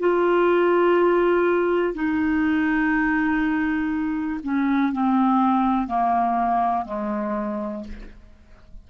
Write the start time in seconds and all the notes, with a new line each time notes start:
0.00 F4
1.95 D#4
4.44 C#4
4.93 C4
5.88 A#3
6.86 G#3